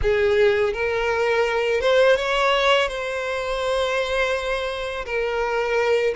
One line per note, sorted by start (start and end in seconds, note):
0.02 0.73 G#4
0.73 1.81 A#4
1.81 2.16 C5
2.16 2.88 C#5
2.88 5.05 C5
5.05 6.13 A#4